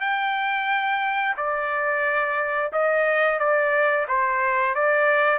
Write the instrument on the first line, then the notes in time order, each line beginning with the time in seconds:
trumpet
0.00 G5
1.37 D5
2.72 D#5
3.39 D5
4.08 C5
4.75 D5